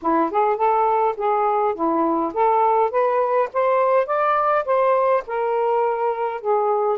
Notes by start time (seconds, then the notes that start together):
0.02 E4
0.30 G#4
0.57 A4
1.16 G#4
1.74 E4
2.33 A4
2.90 B4
3.53 C5
4.06 D5
4.65 C5
5.26 A#4
6.41 G#4